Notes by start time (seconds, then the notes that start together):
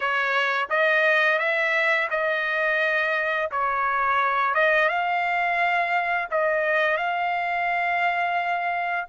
0.00 C#5
0.69 D#5
1.38 E5
2.10 D#5
3.51 C#5
4.54 D#5
4.88 F5
6.30 D#5
6.97 F5